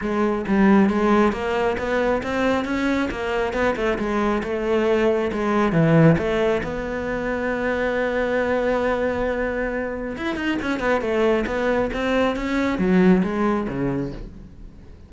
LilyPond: \new Staff \with { instrumentName = "cello" } { \time 4/4 \tempo 4 = 136 gis4 g4 gis4 ais4 | b4 c'4 cis'4 ais4 | b8 a8 gis4 a2 | gis4 e4 a4 b4~ |
b1~ | b2. e'8 dis'8 | cis'8 b8 a4 b4 c'4 | cis'4 fis4 gis4 cis4 | }